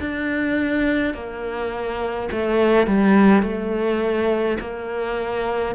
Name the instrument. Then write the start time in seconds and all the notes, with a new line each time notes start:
cello
0.00 D4
1.14 A#3
2.32 A3
2.87 G3
3.42 A3
4.60 A#3